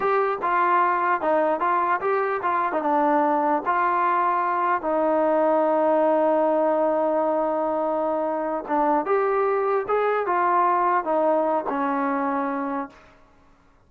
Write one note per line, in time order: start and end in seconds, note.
0.00 0.38 G4
0.42 1.21 F4
1.21 1.60 D#4
1.60 2.00 F4
2.01 2.41 G4
2.42 2.72 F4
2.72 2.82 D#4
2.82 3.62 D4
3.65 4.81 F4
4.81 8.64 D#4
8.68 9.05 D4
9.05 9.86 G4
9.88 10.26 G#4
10.26 11.04 F4
11.04 11.64 D#4
11.68 12.89 C#4